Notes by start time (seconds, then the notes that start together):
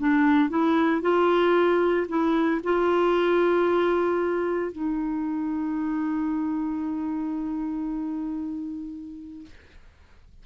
0.00 D4
0.50 E4
1.02 F4
2.09 E4
2.64 F4
4.72 D#4